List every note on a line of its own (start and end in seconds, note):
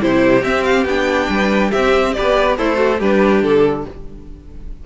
0.00 0.43 C3
0.00 0.42 E4
0.00 1.31 G4
0.00 0.44 C5
0.42 0.84 C4
0.42 0.85 C4
0.42 0.63 E5
0.63 0.85 F5
0.85 1.27 B3
0.85 1.73 D4
0.85 1.71 G5
1.29 1.72 G3
1.29 1.70 B4
1.70 2.16 C4
1.70 2.12 G4
1.70 2.13 E5
2.13 2.59 B3
2.13 2.58 G4
2.13 2.58 B4
2.13 2.56 D5
2.57 3.00 A3
2.57 2.76 E4
2.57 3.00 A4
2.57 3.00 C5
2.76 2.97 F#4
2.98 3.42 G3
2.98 3.86 D4
2.98 3.84 G4
2.98 3.42 B4
3.42 3.85 D3
3.42 3.85 A4